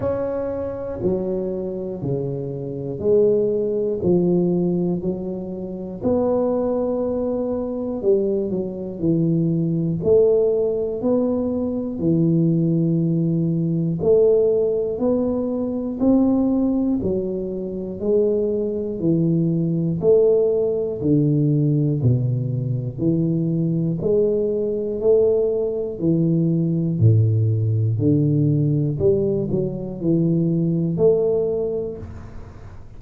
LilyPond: \new Staff \with { instrumentName = "tuba" } { \time 4/4 \tempo 4 = 60 cis'4 fis4 cis4 gis4 | f4 fis4 b2 | g8 fis8 e4 a4 b4 | e2 a4 b4 |
c'4 fis4 gis4 e4 | a4 d4 b,4 e4 | gis4 a4 e4 a,4 | d4 g8 fis8 e4 a4 | }